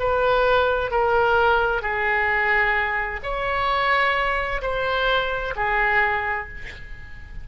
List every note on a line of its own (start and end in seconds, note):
0.00 0.91 B4
0.91 1.82 A#4
1.82 3.21 G#4
3.23 4.62 C#5
4.62 5.55 C5
5.56 6.49 G#4